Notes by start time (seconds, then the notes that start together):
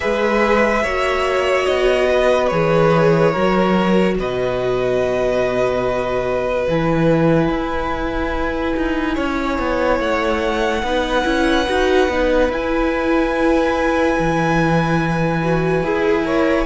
0.00 G#3 G#4 B4 E5
0.83 A#3 F#4 C#5
1.65 B3 D#5
2.10 B4
2.47 E3 G#4 C#5
3.31 F#3 F#4 A#4
4.18 B2 B4 D#5
6.66 E3 E4 G#5
7.49 E4
8.76 D#4
9.15 C#4 C#5
9.58 B3
9.99 A3 F#5
10.82 B3 D#4 B4
11.23 C#4 E4
11.68 D#4 F#4
12.08 B3 D#4
12.49 E4 G#5
14.18 E3
15.42 F#4
15.82 E4 G#4
16.23 A#4 C#5